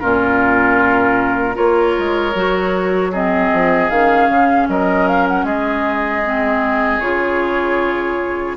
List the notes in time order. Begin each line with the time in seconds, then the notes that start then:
0.00 A#2 C#4 F4 A#4
1.54 A#3 F4 A#4 C#5
1.98 G#3
2.35 F#3 F#4
3.11 C4 G#4 D#5
3.52 F3
3.90 D#3 C#4 F5
4.28 C#3
4.68 F#3 A#4 D#5
5.07 F5
5.28 F#5
5.44 G#3 G#4 D#5
6.24 C4
7.00 C#3 F4 C#5